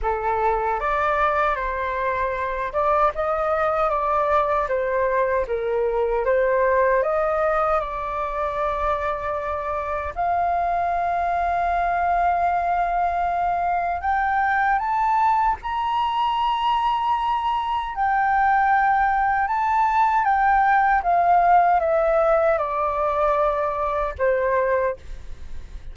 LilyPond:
\new Staff \with { instrumentName = "flute" } { \time 4/4 \tempo 4 = 77 a'4 d''4 c''4. d''8 | dis''4 d''4 c''4 ais'4 | c''4 dis''4 d''2~ | d''4 f''2.~ |
f''2 g''4 a''4 | ais''2. g''4~ | g''4 a''4 g''4 f''4 | e''4 d''2 c''4 | }